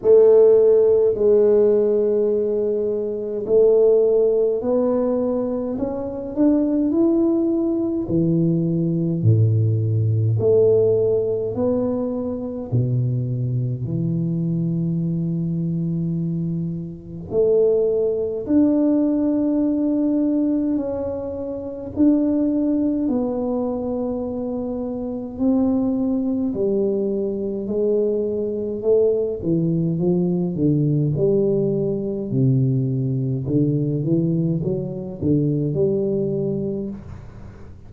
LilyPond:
\new Staff \with { instrumentName = "tuba" } { \time 4/4 \tempo 4 = 52 a4 gis2 a4 | b4 cis'8 d'8 e'4 e4 | a,4 a4 b4 b,4 | e2. a4 |
d'2 cis'4 d'4 | b2 c'4 g4 | gis4 a8 e8 f8 d8 g4 | c4 d8 e8 fis8 d8 g4 | }